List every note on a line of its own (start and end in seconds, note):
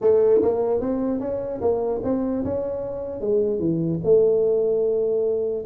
0.01 0.41 A3
0.41 0.80 A#3
0.80 1.20 C4
1.20 1.60 C#4
1.61 2.01 A#3
2.03 2.44 C4
2.44 3.20 C#4
3.20 3.59 G#3
3.59 3.99 E3
4.03 5.64 A3